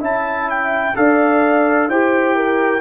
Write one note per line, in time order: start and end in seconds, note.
0.00 0.94 C#4
0.00 0.94 E4
0.00 0.94 E5
0.00 0.50 A5
0.50 0.96 G5
0.95 1.88 D4
0.95 1.89 A4
0.95 1.89 D5
0.95 1.89 F5
1.88 2.80 E4
1.88 2.80 G4
1.88 2.35 C5
1.88 2.80 G5
2.35 2.80 A#4